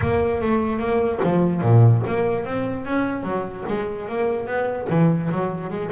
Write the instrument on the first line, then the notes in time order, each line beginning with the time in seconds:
double bass
0.01 A#3
0.41 A3
0.79 A#3
1.23 F3
1.61 A#2
2.06 A#3
2.45 C4
2.85 C#4
3.23 F#3
3.67 G#3
4.08 A#3
4.47 B3
4.89 E3
5.31 F#3
5.70 G#3